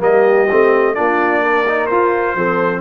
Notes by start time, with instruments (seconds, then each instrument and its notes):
0.00 tuba G3, trombone A#3, horn G4, trumpet D#5
0.52 tuba A3, trombone C4
0.95 tuba A#3, trombone D4, horn F4, trumpet D5
1.42 horn A#4
1.67 trombone D#4
1.87 tuba F4, trombone F4, trumpet C5
2.36 tuba F3, trombone C4, horn A4